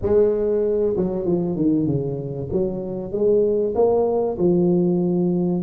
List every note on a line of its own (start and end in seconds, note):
0.01 0.95 G#3
0.96 1.25 F#3
1.25 1.56 F3
1.56 1.86 D#3
1.86 2.49 C#3
2.52 3.11 F#3
3.11 3.74 G#3
3.75 4.38 A#3
4.38 5.62 F3